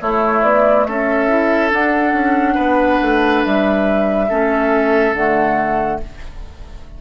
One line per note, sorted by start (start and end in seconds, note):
0.00 1.28 A3
0.00 0.42 A3
0.00 0.87 E4
0.00 0.43 C#5
0.42 0.85 B3
0.42 0.84 D5
0.84 1.72 C#4
0.84 2.54 A4
0.84 1.70 E5
1.28 1.69 E4
1.69 4.27 D4
1.69 2.13 D4
1.69 3.43 F#5
2.13 2.56 C#4
2.54 2.99 B3
2.54 4.26 B4
3.01 3.44 A3
3.43 4.30 G3
3.43 5.14 E5
4.28 5.13 A3
4.28 5.15 C#4
4.28 6.00 A4
5.13 5.99 D3
5.13 6.01 A3
5.13 5.99 F#5